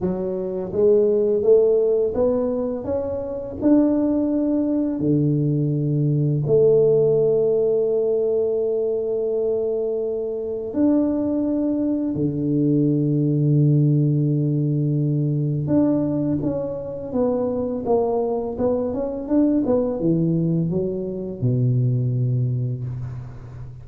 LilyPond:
\new Staff \with { instrumentName = "tuba" } { \time 4/4 \tempo 4 = 84 fis4 gis4 a4 b4 | cis'4 d'2 d4~ | d4 a2.~ | a2. d'4~ |
d'4 d2.~ | d2 d'4 cis'4 | b4 ais4 b8 cis'8 d'8 b8 | e4 fis4 b,2 | }